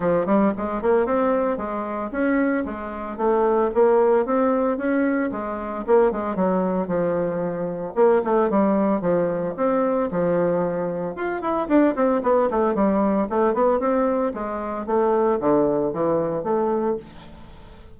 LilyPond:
\new Staff \with { instrumentName = "bassoon" } { \time 4/4 \tempo 4 = 113 f8 g8 gis8 ais8 c'4 gis4 | cis'4 gis4 a4 ais4 | c'4 cis'4 gis4 ais8 gis8 | fis4 f2 ais8 a8 |
g4 f4 c'4 f4~ | f4 f'8 e'8 d'8 c'8 b8 a8 | g4 a8 b8 c'4 gis4 | a4 d4 e4 a4 | }